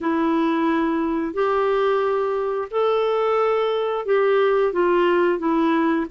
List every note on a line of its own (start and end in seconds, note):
0.00 1.33 E4
1.33 2.68 G4
2.70 4.05 A4
4.05 4.73 G4
4.73 5.38 F4
5.38 6.06 E4